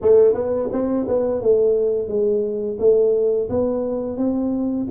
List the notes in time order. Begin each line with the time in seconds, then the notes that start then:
0.01 A3
0.34 B3
0.72 C4
1.08 B3
1.41 A3
2.08 G#3
2.79 A3
3.49 B3
4.17 C4